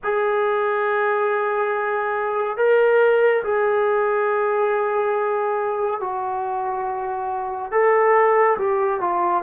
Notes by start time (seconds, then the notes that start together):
0.03 G#4
2.57 A#4
3.43 G#4
6.00 F#4
7.71 A4
8.58 G4
9.00 F4